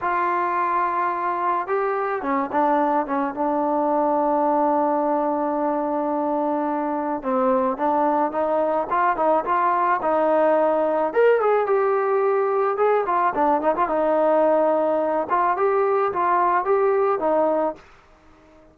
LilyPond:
\new Staff \with { instrumentName = "trombone" } { \time 4/4 \tempo 4 = 108 f'2. g'4 | cis'8 d'4 cis'8 d'2~ | d'1~ | d'4 c'4 d'4 dis'4 |
f'8 dis'8 f'4 dis'2 | ais'8 gis'8 g'2 gis'8 f'8 | d'8 dis'16 f'16 dis'2~ dis'8 f'8 | g'4 f'4 g'4 dis'4 | }